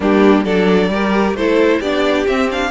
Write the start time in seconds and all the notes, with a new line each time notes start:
0.00 G3 A#3 D4 G4
0.44 F#3 D4 A4 D5
0.88 G3 G4 A#4
1.34 A3 E4 A4 C5
1.79 B3 D4 G4 D5
2.26 C4 E5
2.49 D4 F5